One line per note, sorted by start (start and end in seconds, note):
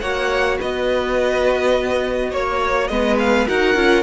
0.00 0.59 A#3
0.00 2.91 F#4
0.00 0.59 C#5
0.00 0.58 F#5
0.59 2.33 B3
0.59 2.30 B4
0.59 2.34 D#5
2.30 2.90 A#3
2.30 2.88 C#5
2.88 3.47 G#3
2.88 3.48 B3
2.88 3.48 B4
2.88 3.17 D#5
3.19 3.48 F5
3.48 3.75 D#4
3.48 3.76 F#4
3.48 4.03 A#4
3.48 4.03 F#5
3.75 4.03 C#4
3.75 4.03 F4